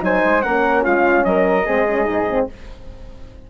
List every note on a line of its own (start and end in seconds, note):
0.00 0.22 F#3
0.00 0.41 D#4
0.00 0.44 C5
0.00 0.42 G#5
0.24 0.45 G#3
0.42 0.85 A#3
0.42 1.64 C#4
0.42 0.82 A#4
0.42 0.82 F#5
0.82 1.24 G#3
0.82 1.23 F4
0.82 1.24 F5
1.24 1.65 F#3
1.24 1.65 A#4
1.24 2.47 D#5
1.65 2.08 G#3
1.65 1.87 C4
1.65 2.47 G#4
1.87 2.04 C#4
2.04 2.48 G#2
2.04 2.24 D#4
2.30 2.50 C4